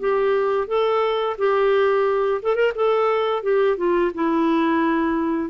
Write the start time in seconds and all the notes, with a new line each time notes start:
0.00 G4
0.68 A4
1.38 G4
2.43 A4
2.55 A#4
2.76 A4
3.43 G4
3.78 F4
4.15 E4